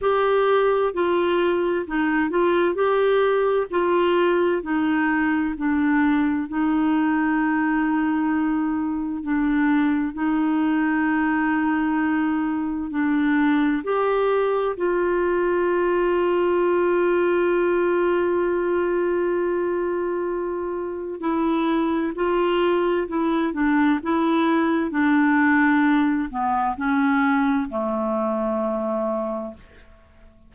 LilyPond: \new Staff \with { instrumentName = "clarinet" } { \time 4/4 \tempo 4 = 65 g'4 f'4 dis'8 f'8 g'4 | f'4 dis'4 d'4 dis'4~ | dis'2 d'4 dis'4~ | dis'2 d'4 g'4 |
f'1~ | f'2. e'4 | f'4 e'8 d'8 e'4 d'4~ | d'8 b8 cis'4 a2 | }